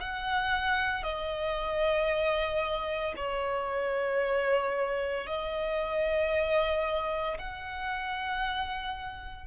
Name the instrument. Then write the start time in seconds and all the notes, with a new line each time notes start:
violin
0.00 F#5
1.03 D#5
3.16 C#5
5.27 D#5
7.39 F#5